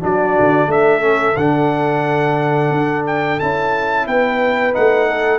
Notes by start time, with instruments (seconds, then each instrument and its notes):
0.00 tuba F#3, trombone D4, horn F#4, trumpet D5
0.39 tuba D3
0.67 tuba A3, horn A4, trumpet E5
1.00 trombone C#4
1.36 tuba D3, trombone D4, trumpet F#5
2.70 tuba D4
3.06 trumpet G5
3.39 tuba C#4, trombone E4, trumpet A5
4.07 tuba B3, horn B4, trumpet G5
4.73 tuba A3, trombone D#4, trumpet F#5
5.08 horn A4